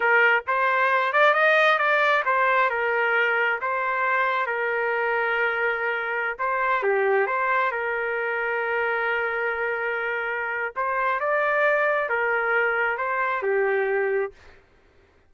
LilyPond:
\new Staff \with { instrumentName = "trumpet" } { \time 4/4 \tempo 4 = 134 ais'4 c''4. d''8 dis''4 | d''4 c''4 ais'2 | c''2 ais'2~ | ais'2~ ais'16 c''4 g'8.~ |
g'16 c''4 ais'2~ ais'8.~ | ais'1 | c''4 d''2 ais'4~ | ais'4 c''4 g'2 | }